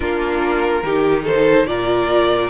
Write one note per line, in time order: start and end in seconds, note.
0.00 0.82 A#3
0.00 0.82 D4
0.00 0.83 F4
0.00 1.23 A#4
0.82 1.65 D#3
0.82 1.67 D#4
0.82 1.24 G4
1.24 1.65 A4
1.24 1.66 C5
1.65 2.48 A#2
1.65 2.50 F4
1.65 2.50 A#4
1.65 2.49 D5